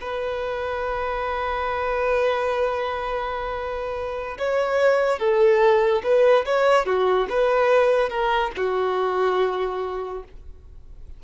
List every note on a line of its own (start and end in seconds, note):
0.00 4.37 B4
4.38 5.19 C#5
5.19 6.02 A4
6.03 6.45 B4
6.45 6.86 C#5
6.86 7.27 F#4
7.29 8.09 B4
8.09 8.51 A#4
8.56 10.23 F#4